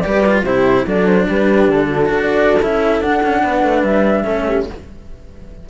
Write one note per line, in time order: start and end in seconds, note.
0.00 0.43 G3
0.00 0.24 G4
0.00 0.43 B4
0.00 0.41 D5
0.25 0.45 F4
0.43 0.84 C3
0.43 0.86 E4
0.43 0.84 G4
0.43 0.85 C5
0.86 1.27 F#3
0.86 2.05 D4
0.86 1.27 A4
0.86 1.06 D5
1.06 1.27 C5
1.27 1.68 G3
1.27 1.88 G4
1.27 1.70 B4
1.68 2.08 D3
1.68 2.21 A4
1.88 2.08 F#4
2.05 2.60 D4
2.05 2.56 F#4
2.05 3.42 A4
2.21 2.62 D5
2.62 3.00 C#4
2.62 3.03 E4
2.62 3.01 E5
3.00 3.21 D4
3.00 4.24 D4
3.00 3.83 F#5
3.22 3.43 C#4
3.43 3.63 B3
3.43 4.24 B4
3.63 3.82 A3
3.82 4.23 G3
3.82 4.65 E5
4.24 4.69 A3
4.24 4.65 C#4
4.24 4.44 A4
4.47 4.67 G4